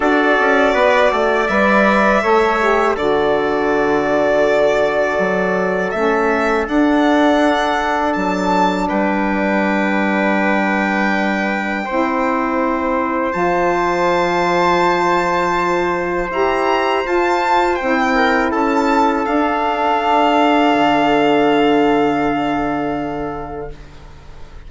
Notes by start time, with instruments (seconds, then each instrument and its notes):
0.00 bassoon D4, saxophone F#4, trumpet A4, violin D5
0.39 bassoon C#4
0.73 bassoon B3, trumpet B4
1.11 bassoon A3, trumpet D5
1.47 bassoon G3, saxophone B4, violin E5
2.21 bassoon A3, saxophone A4, trumpet C#5
2.60 saxophone G4
2.94 bassoon D3, saxophone F#4, trumpet A4, violin D5
5.19 bassoon F#3
5.90 bassoon A3, saxophone C#4, violin E5
6.67 bassoon D4, saxophone D4, violin F#5
8.13 bassoon F#3, violin A5
8.88 bassoon G3, trumpet B4, violin G5
11.85 bassoon C4, saxophone E4, trumpet C5
13.31 bassoon F3, saxophone F4, violin A5
16.30 bassoon E4, saxophone G4, violin A#5
17.04 saxophone F4, bassoon F4, violin A5
17.75 bassoon C4, saxophone E4, violin G5
18.15 trumpet A#4
18.51 bassoon C#4, trumpet A4, violin A5
19.25 saxophone D4, bassoon D4, violin F5
20.74 bassoon D3